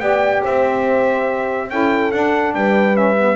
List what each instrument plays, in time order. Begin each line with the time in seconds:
0.00 double bass B3, saxophone G4, horn D5, trumpet G5
0.42 double bass C4, horn C5, trumpet E5
1.70 double bass C#4, saxophone E4, horn A4, trumpet G5
2.12 double bass D4, saxophone D4, trumpet F#5
2.55 double bass G3, horn B4, trumpet G5
2.93 saxophone C#4, trumpet E5
3.18 saxophone B3